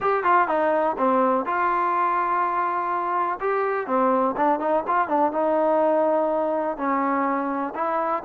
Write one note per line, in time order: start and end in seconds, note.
0.00 0.23 G4
0.23 0.48 F4
0.48 0.96 D#4
0.97 1.45 C4
1.45 3.39 F4
3.40 3.86 G4
3.86 4.35 C4
4.36 4.59 D4
4.59 4.83 D#4
4.87 5.08 F4
5.08 5.32 D4
5.32 6.77 D#4
6.77 7.73 C#4
7.74 8.23 E4